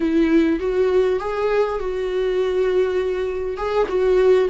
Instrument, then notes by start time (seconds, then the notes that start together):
viola
0.00 E4
0.59 F#4
1.19 G#4
1.79 F#4
3.57 G#4
3.88 F#4